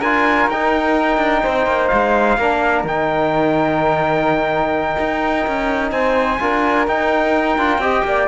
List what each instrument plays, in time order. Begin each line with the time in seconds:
0.00 cello D4, trombone F4, flute A#4, trumpet G#5
0.47 cello D#4, trumpet G5
0.53 trombone D#4
1.18 cello D4
1.44 cello C4, flute C5
1.67 cello A#3
1.88 cello G#3, trumpet F5
2.37 cello A#3, trombone D4, flute A#4
2.84 cello D#3, trombone D#4, trumpet G5
4.99 cello D#4
5.47 cello C#4
5.92 cello C4, flute C5, trumpet G#5
6.40 cello D4, trombone F4, flute A#4
6.87 trombone D#4, cello D#4, trumpet G5
7.58 cello D4, trombone F4
7.78 cello C4, trombone G4, flute D#5
8.05 cello A#3, flute D5